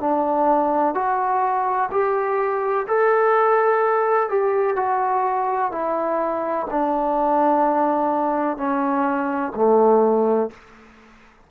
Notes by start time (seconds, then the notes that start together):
0.00 D4
0.94 F#4
1.91 G4
2.87 A4
4.29 G4
4.76 F#4
5.71 E4
6.70 D4
8.58 C#4
9.55 A3